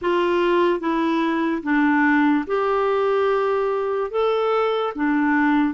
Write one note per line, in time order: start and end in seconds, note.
0.01 0.80 F4
0.80 1.62 E4
1.62 2.44 D4
2.46 4.11 G4
4.11 4.93 A4
4.95 5.73 D4